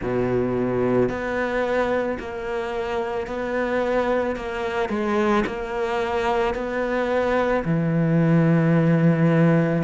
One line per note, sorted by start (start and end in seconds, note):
0.01 1.09 B2
1.09 2.18 B3
2.19 3.27 A#3
3.27 4.35 B3
4.35 4.89 A#3
4.89 5.43 G#3
5.46 6.54 A#3
6.54 7.63 B3
7.65 9.83 E3